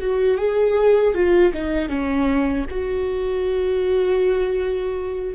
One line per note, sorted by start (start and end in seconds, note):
0.00 0.37 F#4
0.37 1.14 G#4
1.14 1.53 F4
1.54 1.89 D#4
1.89 2.66 C#4
2.70 5.35 F#4